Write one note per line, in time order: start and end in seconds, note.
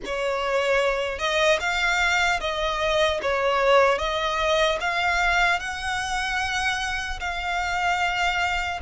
0.05 1.19 C#5
1.19 1.59 D#5
1.60 2.40 F5
2.40 3.20 D#5
3.21 3.98 C#5
3.98 4.78 D#5
4.80 5.59 F5
5.59 7.19 F#5
7.20 8.80 F5